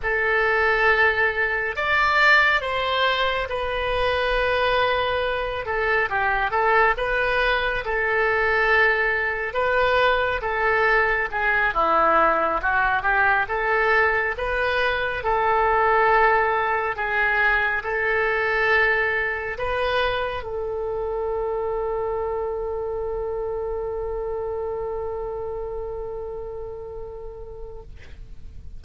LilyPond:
\new Staff \with { instrumentName = "oboe" } { \time 4/4 \tempo 4 = 69 a'2 d''4 c''4 | b'2~ b'8 a'8 g'8 a'8 | b'4 a'2 b'4 | a'4 gis'8 e'4 fis'8 g'8 a'8~ |
a'8 b'4 a'2 gis'8~ | gis'8 a'2 b'4 a'8~ | a'1~ | a'1 | }